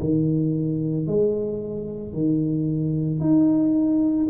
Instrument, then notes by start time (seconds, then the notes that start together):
tuba
0.00 D#3
1.07 G#3
2.13 D#3
3.20 D#4